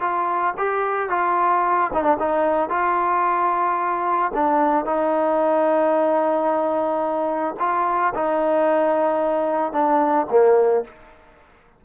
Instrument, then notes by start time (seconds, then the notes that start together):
trombone
0.00 F4
0.57 G4
1.09 F4
1.93 D#4
2.03 D4
2.19 D#4
2.70 F4
4.34 D4
4.85 D#4
7.59 F4
8.14 D#4
9.72 D4
10.30 A#3